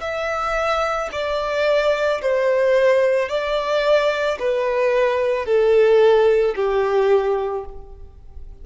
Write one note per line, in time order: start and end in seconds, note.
0.00 1.09 E5
1.12 2.21 D5
2.21 3.29 C5
3.29 4.38 D5
4.39 5.45 B4
5.45 6.55 A4
6.56 7.65 G4